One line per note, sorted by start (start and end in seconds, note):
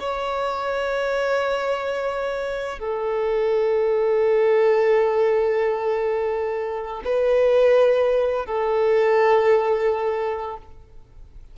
0.00 2.79 C#5
2.79 7.03 A4
7.05 8.46 B4
8.46 10.58 A4